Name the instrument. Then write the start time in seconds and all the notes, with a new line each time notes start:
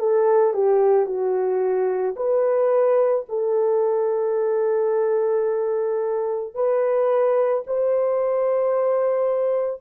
horn
0.00 A4
0.54 G4
1.07 F#4
2.17 B4
3.29 A4
6.55 B4
7.67 C5